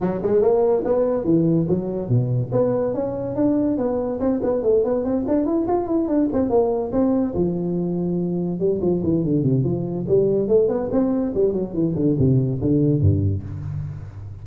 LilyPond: \new Staff \with { instrumentName = "tuba" } { \time 4/4 \tempo 4 = 143 fis8 gis8 ais4 b4 e4 | fis4 b,4 b4 cis'4 | d'4 b4 c'8 b8 a8 b8 | c'8 d'8 e'8 f'8 e'8 d'8 c'8 ais8~ |
ais8 c'4 f2~ f8~ | f8 g8 f8 e8 d8 c8 f4 | g4 a8 b8 c'4 g8 fis8 | e8 d8 c4 d4 g,4 | }